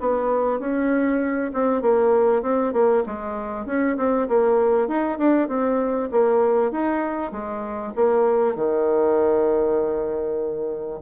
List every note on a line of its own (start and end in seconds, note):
0.00 0.59 B3
0.59 1.51 C#4
1.53 1.81 C4
1.81 2.42 A#3
2.42 2.73 C4
2.73 3.03 A#3
3.06 3.66 G#3
3.66 3.96 C#4
3.97 4.27 C4
4.28 4.88 A#3
4.88 5.18 D#4
5.18 5.48 D4
5.48 6.09 C4
6.11 6.71 A#3
6.71 7.32 D#4
7.32 7.93 G#3
7.95 8.55 A#3
8.55 11.00 D#3